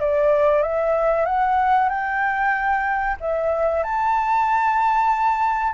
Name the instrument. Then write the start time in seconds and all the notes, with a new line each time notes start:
flute
0.00 D5
0.62 E5
1.26 F#5
1.89 G5
3.21 E5
3.84 A5